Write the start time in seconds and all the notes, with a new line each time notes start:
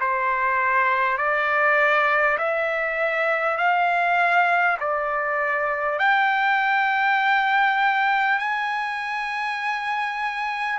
0.00 C5
1.18 D5
2.38 E5
3.58 F5
4.80 D5
5.98 G5
8.39 G#5